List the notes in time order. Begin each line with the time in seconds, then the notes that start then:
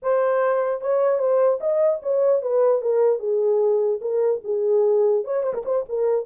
0.02 C5
0.81 C#5
1.18 C5
1.60 D#5
2.02 C#5
2.42 B4
2.81 A#4
3.19 G#4
4.01 A#4
4.44 G#4
5.24 C#5
5.43 C5
5.53 A#4
5.65 C5
5.88 A#4